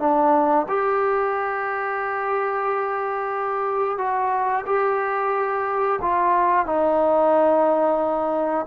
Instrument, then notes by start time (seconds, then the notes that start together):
trombone
0.00 D4
0.69 G4
3.99 F#4
4.67 G4
6.02 F4
6.67 D#4